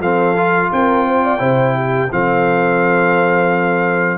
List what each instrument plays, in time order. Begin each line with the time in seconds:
0.00 tuba F3, trombone C4, horn A4, trumpet F5
0.37 trombone F4
0.73 tuba C4, horn A#4, trumpet G5
1.07 horn C5
1.24 horn D5
1.39 tuba C3, trombone E4, horn C5
1.76 horn G4
2.12 tuba F3, trombone C4, horn A4, trumpet F5